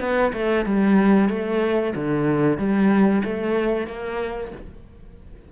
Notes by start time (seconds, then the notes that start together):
0.00 B3
0.33 A3
0.65 G3
1.29 A3
1.95 D3
2.58 G3
3.24 A3
3.87 A#3